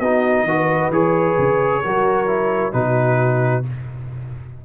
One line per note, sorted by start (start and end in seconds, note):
0.00 0.44 B3
0.00 0.48 D#4
0.00 0.45 F#4
0.00 0.91 D#5
0.44 0.90 D#3
0.44 0.93 F#4
0.44 1.83 B4
0.91 1.36 E3
0.91 1.84 G#4
0.91 2.73 C#5
1.39 1.84 C#3
1.83 2.74 F#3
1.83 2.27 F#4
1.83 2.74 A#4
2.27 2.73 E4
2.73 3.65 B2
2.73 3.63 D#4
2.73 3.65 F#4
2.73 3.64 B4